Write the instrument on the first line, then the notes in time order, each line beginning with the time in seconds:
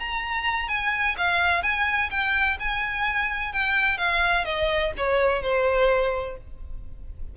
violin
0.00 A#5
0.69 G#5
1.18 F5
1.63 G#5
2.11 G5
2.60 G#5
3.53 G5
3.98 F5
4.45 D#5
4.98 C#5
5.43 C5